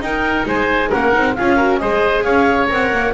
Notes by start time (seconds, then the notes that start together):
0.00 D#4 A#4 G5
0.46 G#3 C5 G#5
0.90 A#3 C#4 A#4 F#5
1.13 C4 D#4
1.35 C#4 F4 G#4 F5
1.57 F#4 A#4
1.78 G#3 G#4 C5 D#5
2.23 C#4 C#5 F5
2.68 C4 A#4 F#5
2.93 A#3